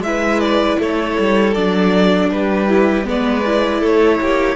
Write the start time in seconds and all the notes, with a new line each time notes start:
0.00 G#3 E4 B4 E5
0.40 D5
0.79 A3 A4 C#5
1.18 G3
1.54 F#3 D4 D5
2.30 G3 G4 B4
2.68 E4
3.04 G#3 B3 B4 D5
3.45 E4
3.80 A3 A4 C#5
4.20 A#3 G4